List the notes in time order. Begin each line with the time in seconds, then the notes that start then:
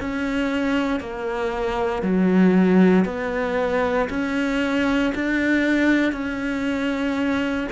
0.00 C#4
1.00 A#3
2.03 F#3
3.05 B3
4.10 C#4
5.15 D4
6.12 C#4